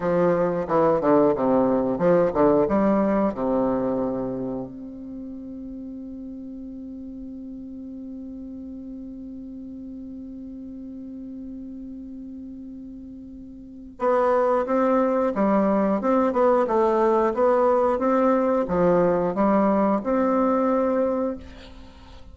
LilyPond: \new Staff \with { instrumentName = "bassoon" } { \time 4/4 \tempo 4 = 90 f4 e8 d8 c4 f8 d8 | g4 c2 c'4~ | c'1~ | c'1~ |
c'1~ | c'4 b4 c'4 g4 | c'8 b8 a4 b4 c'4 | f4 g4 c'2 | }